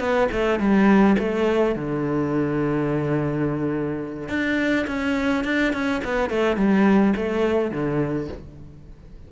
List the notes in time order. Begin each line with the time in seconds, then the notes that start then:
0.00 B3
0.32 A3
0.60 G3
1.19 A3
1.76 D3
4.29 D4
4.88 C#4
5.45 D4
5.73 C#4
6.04 B3
6.30 A3
6.57 G3
7.16 A3
7.71 D3